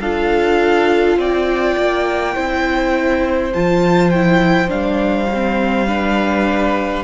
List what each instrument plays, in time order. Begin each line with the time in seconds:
0.00 cello D4, viola F4, violin A4 F5
1.17 cello C4, violin D5 G5
1.77 cello A#3
2.34 cello C4, viola E4, violin C5
3.53 cello F3, viola F4, violin A5
4.10 viola E4, violin G5
4.68 cello G3, viola D4, violin F5
5.33 viola C4
5.87 viola D4, violin B4